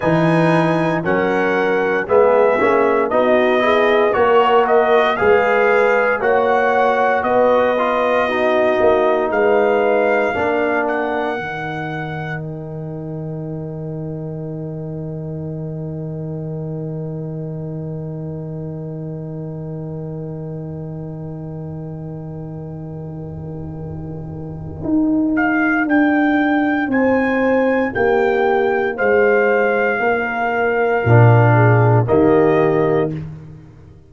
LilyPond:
<<
  \new Staff \with { instrumentName = "trumpet" } { \time 4/4 \tempo 4 = 58 gis''4 fis''4 e''4 dis''4 | cis''8 dis''8 f''4 fis''4 dis''4~ | dis''4 f''4. fis''4. | g''1~ |
g''1~ | g''1~ | g''8 f''8 g''4 gis''4 g''4 | f''2. dis''4 | }
  \new Staff \with { instrumentName = "horn" } { \time 4/4 b'4 ais'4 gis'4 fis'8 gis'8 | ais'4 b'4 cis''4 b'4 | fis'4 b'4 ais'2~ | ais'1~ |
ais'1~ | ais'1~ | ais'2 c''4 g'4 | c''4 ais'4. gis'8 g'4 | }
  \new Staff \with { instrumentName = "trombone" } { \time 4/4 dis'4 cis'4 b8 cis'8 dis'8 e'8 | fis'4 gis'4 fis'4. f'8 | dis'2 d'4 dis'4~ | dis'1~ |
dis'1~ | dis'1~ | dis'1~ | dis'2 d'4 ais4 | }
  \new Staff \with { instrumentName = "tuba" } { \time 4/4 e4 fis4 gis8 ais8 b4 | ais4 gis4 ais4 b4~ | b8 ais8 gis4 ais4 dis4~ | dis1~ |
dis1~ | dis1 | dis'4 d'4 c'4 ais4 | gis4 ais4 ais,4 dis4 | }
>>